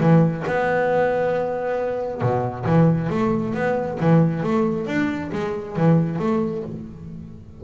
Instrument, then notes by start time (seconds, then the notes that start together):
double bass
0.00 E3
0.47 B3
2.21 B2
2.66 E3
3.10 A3
3.54 B3
4.00 E3
4.43 A3
4.86 D4
5.32 G#3
5.76 E3
6.19 A3